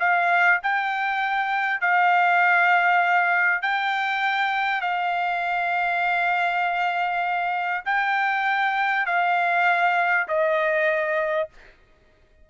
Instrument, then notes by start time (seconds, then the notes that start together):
trumpet
0.00 F5
0.63 G5
1.81 F5
3.62 G5
4.81 F5
7.85 G5
9.06 F5
10.28 D#5